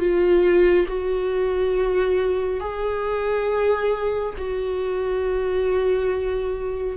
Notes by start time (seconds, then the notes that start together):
0.00 F4
0.88 F#4
2.60 G#4
4.38 F#4